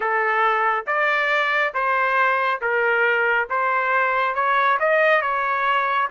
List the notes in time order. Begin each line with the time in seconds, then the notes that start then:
0.00 A4
0.87 D5
1.74 C5
2.61 A#4
3.49 C5
4.34 C#5
4.79 D#5
5.21 C#5